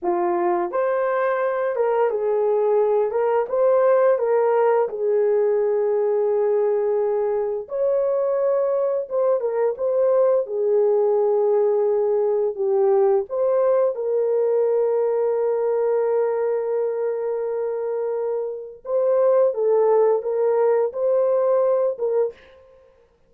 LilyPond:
\new Staff \with { instrumentName = "horn" } { \time 4/4 \tempo 4 = 86 f'4 c''4. ais'8 gis'4~ | gis'8 ais'8 c''4 ais'4 gis'4~ | gis'2. cis''4~ | cis''4 c''8 ais'8 c''4 gis'4~ |
gis'2 g'4 c''4 | ais'1~ | ais'2. c''4 | a'4 ais'4 c''4. ais'8 | }